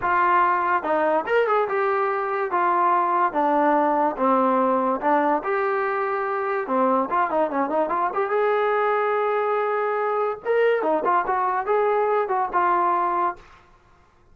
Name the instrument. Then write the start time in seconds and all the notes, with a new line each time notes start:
trombone
0.01 F4
0.83 D#4
1.26 A#4
1.47 G#4
1.68 G4
2.51 F4
3.32 D4
4.16 C4
5.00 D4
5.43 G4
6.67 C4
7.09 F4
7.30 D#4
7.50 C#4
7.69 D#4
7.89 F4
8.13 G4
8.30 G#4
10.45 A#4
10.82 D#4
11.04 F4
11.26 F#4
11.66 G#4
12.28 F#4
12.52 F4